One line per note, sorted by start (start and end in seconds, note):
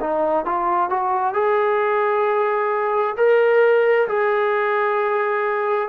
0.00 0.45 D#4
0.45 0.89 F4
0.89 1.33 F#4
1.33 3.15 G#4
3.17 4.07 A#4
4.08 5.89 G#4